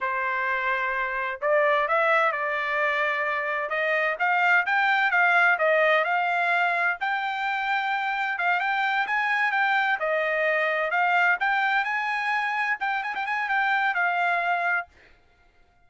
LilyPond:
\new Staff \with { instrumentName = "trumpet" } { \time 4/4 \tempo 4 = 129 c''2. d''4 | e''4 d''2. | dis''4 f''4 g''4 f''4 | dis''4 f''2 g''4~ |
g''2 f''8 g''4 gis''8~ | gis''8 g''4 dis''2 f''8~ | f''8 g''4 gis''2 g''8 | gis''16 g''16 gis''8 g''4 f''2 | }